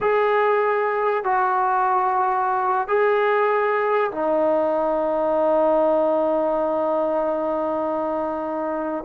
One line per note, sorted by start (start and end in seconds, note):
0.00 1.23 G#4
1.23 2.87 F#4
2.87 4.11 G#4
4.11 9.04 D#4